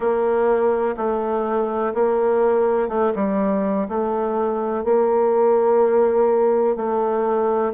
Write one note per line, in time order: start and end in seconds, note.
0.00 0.95 A#3
0.96 1.93 A3
1.94 2.88 A#3
2.88 3.12 A3
3.15 3.88 G3
3.88 4.84 A3
4.84 6.76 A#3
6.76 7.72 A3